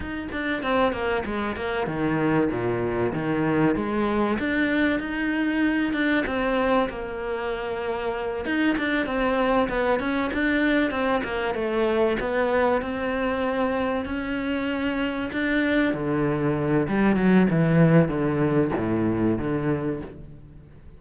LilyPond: \new Staff \with { instrumentName = "cello" } { \time 4/4 \tempo 4 = 96 dis'8 d'8 c'8 ais8 gis8 ais8 dis4 | ais,4 dis4 gis4 d'4 | dis'4. d'8 c'4 ais4~ | ais4. dis'8 d'8 c'4 b8 |
cis'8 d'4 c'8 ais8 a4 b8~ | b8 c'2 cis'4.~ | cis'8 d'4 d4. g8 fis8 | e4 d4 a,4 d4 | }